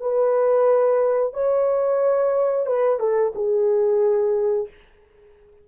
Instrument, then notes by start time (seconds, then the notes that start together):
horn
0.00 B4
1.33 C#5
2.66 B4
2.99 A4
3.35 G#4